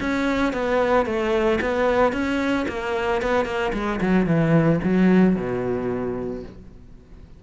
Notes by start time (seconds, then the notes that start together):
0.00 C#4
0.53 B3
1.06 A3
1.61 B3
2.12 C#4
2.68 A#3
3.22 B3
3.45 A#3
3.73 G#3
4.01 F#3
4.26 E3
4.83 F#3
5.35 B2